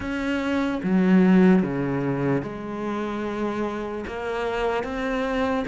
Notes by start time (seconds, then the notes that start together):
0.00 C#4
0.83 F#3
1.62 C#3
2.42 G#3
4.07 A#3
4.83 C4